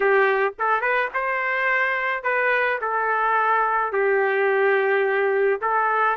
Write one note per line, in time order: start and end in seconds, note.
0.00 0.53 G4
0.58 0.81 A4
0.81 1.09 B4
1.14 2.23 C5
2.23 2.79 B4
2.81 3.92 A4
3.92 5.60 G4
5.61 6.16 A4